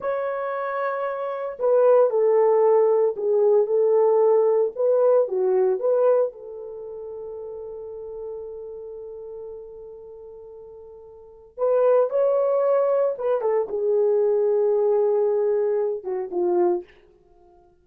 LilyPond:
\new Staff \with { instrumentName = "horn" } { \time 4/4 \tempo 4 = 114 cis''2. b'4 | a'2 gis'4 a'4~ | a'4 b'4 fis'4 b'4 | a'1~ |
a'1~ | a'2 b'4 cis''4~ | cis''4 b'8 a'8 gis'2~ | gis'2~ gis'8 fis'8 f'4 | }